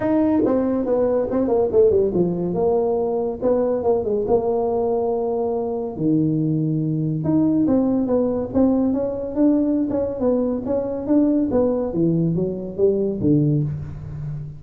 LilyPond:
\new Staff \with { instrumentName = "tuba" } { \time 4/4 \tempo 4 = 141 dis'4 c'4 b4 c'8 ais8 | a8 g8 f4 ais2 | b4 ais8 gis8 ais2~ | ais2 dis2~ |
dis4 dis'4 c'4 b4 | c'4 cis'4 d'4~ d'16 cis'8. | b4 cis'4 d'4 b4 | e4 fis4 g4 d4 | }